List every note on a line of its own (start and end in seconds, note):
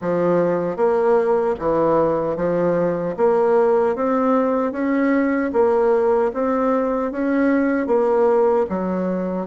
0.01 0.76 F3
0.76 1.55 A#3
1.59 2.36 E3
2.36 3.15 F3
3.17 3.95 A#3
3.95 4.72 C4
4.72 5.50 C#4
5.52 6.31 A#3
6.33 7.11 C4
7.11 7.87 C#4
7.87 8.66 A#3
8.69 9.46 F#3